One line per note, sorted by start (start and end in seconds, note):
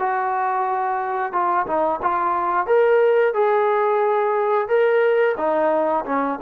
0.00 1.33 F#4
1.33 1.67 F4
1.67 2.01 D#4
2.03 2.67 F4
2.67 3.34 A#4
3.34 4.69 G#4
4.69 5.36 A#4
5.38 6.05 D#4
6.06 6.40 C#4